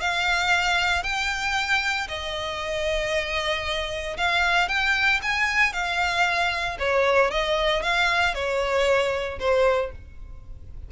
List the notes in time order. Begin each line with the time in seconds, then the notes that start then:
0.00 F5
1.03 G5
2.08 D#5
4.17 F5
4.68 G5
5.22 G#5
5.72 F5
6.79 C#5
7.30 D#5
7.82 F5
8.34 C#5
9.39 C5